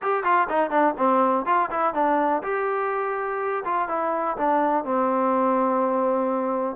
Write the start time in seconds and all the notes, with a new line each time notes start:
0.02 G4
0.23 F4
0.49 D#4
0.70 D4
0.97 C4
1.45 F4
1.71 E4
1.94 D4
2.42 G4
3.64 F4
3.88 E4
4.37 D4
4.84 C4